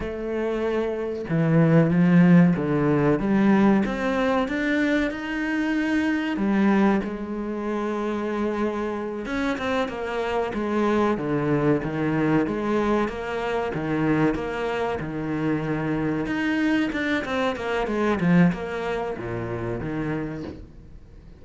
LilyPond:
\new Staff \with { instrumentName = "cello" } { \time 4/4 \tempo 4 = 94 a2 e4 f4 | d4 g4 c'4 d'4 | dis'2 g4 gis4~ | gis2~ gis8 cis'8 c'8 ais8~ |
ais8 gis4 d4 dis4 gis8~ | gis8 ais4 dis4 ais4 dis8~ | dis4. dis'4 d'8 c'8 ais8 | gis8 f8 ais4 ais,4 dis4 | }